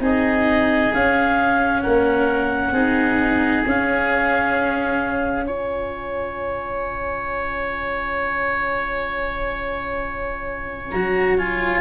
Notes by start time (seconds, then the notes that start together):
0.00 C4 D#4 G#4 D#5
0.93 C#4 F5
1.82 A#3 A#4 F#5
2.72 C4 D#4 G#4
3.66 C#4 F5
5.46 F4 C#5 G#5
10.91 F#3 F#4 A#5
11.38 F4 G#5